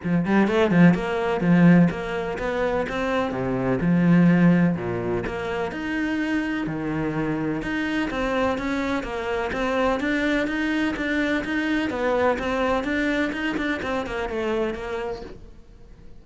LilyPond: \new Staff \with { instrumentName = "cello" } { \time 4/4 \tempo 4 = 126 f8 g8 a8 f8 ais4 f4 | ais4 b4 c'4 c4 | f2 ais,4 ais4 | dis'2 dis2 |
dis'4 c'4 cis'4 ais4 | c'4 d'4 dis'4 d'4 | dis'4 b4 c'4 d'4 | dis'8 d'8 c'8 ais8 a4 ais4 | }